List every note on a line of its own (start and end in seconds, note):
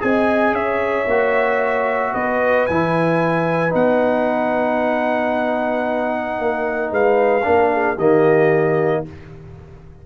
0.00 0.53 C4
0.00 1.06 G#4
0.00 0.55 D#5
0.00 0.55 G#5
0.53 1.06 C#4
0.53 2.13 C#5
0.53 2.14 E5
1.07 2.13 A#3
1.07 2.69 F#4
2.13 2.68 B3
2.13 6.37 B4
2.13 2.66 D#5
2.66 3.74 E3
2.66 3.70 E4
2.66 3.72 G#5
3.70 6.39 B3
3.70 7.42 D#4
3.70 6.93 F#5
6.39 6.91 A#3
6.39 6.92 A#4
6.91 7.44 G#3
6.91 7.45 B4
6.91 7.99 F5
7.44 7.97 A#3
7.44 7.97 D4
7.44 7.71 A#4
7.73 7.95 G#4
7.95 9.04 D#3
7.95 9.06 A#3
7.95 9.02 G4
7.95 9.05 D#5